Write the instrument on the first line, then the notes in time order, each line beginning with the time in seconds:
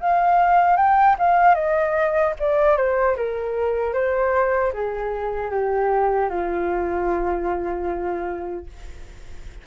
flute
0.00 F5
0.76 G5
1.18 F5
1.54 D#5
2.39 D5
2.77 C5
3.16 A#4
3.93 C5
4.73 G#4
5.50 G4
6.29 F4